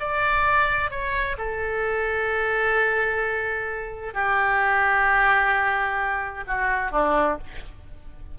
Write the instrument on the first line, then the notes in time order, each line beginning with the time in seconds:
oboe
0.00 D5
0.91 C#5
1.38 A4
4.14 G4
6.47 F#4
6.92 D4